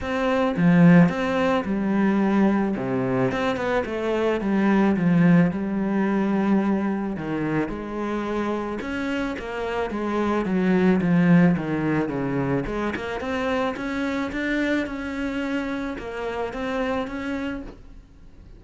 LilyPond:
\new Staff \with { instrumentName = "cello" } { \time 4/4 \tempo 4 = 109 c'4 f4 c'4 g4~ | g4 c4 c'8 b8 a4 | g4 f4 g2~ | g4 dis4 gis2 |
cis'4 ais4 gis4 fis4 | f4 dis4 cis4 gis8 ais8 | c'4 cis'4 d'4 cis'4~ | cis'4 ais4 c'4 cis'4 | }